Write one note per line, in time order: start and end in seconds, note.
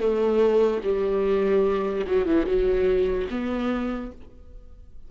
0.00 0.81 A3
0.84 2.05 G3
2.07 2.26 F#3
2.26 2.46 E3
2.46 3.27 F#3
3.30 4.11 B3